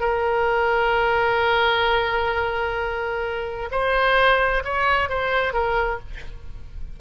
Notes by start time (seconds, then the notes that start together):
0.00 A#4
3.71 C5
4.64 C#5
5.09 C5
5.53 A#4